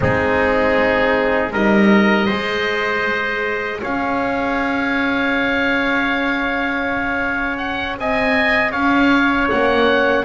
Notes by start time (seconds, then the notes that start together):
0.00 G#3 C4 D#4 G#4
1.52 G3 D#4 A#4 D#5
2.25 G#3 G#4 C5
3.81 C#4 C#5 F5
7.57 F#5
7.97 C4 D#5 G#5
8.71 C#4 C#5 F5
9.50 A#3 C#4 F#5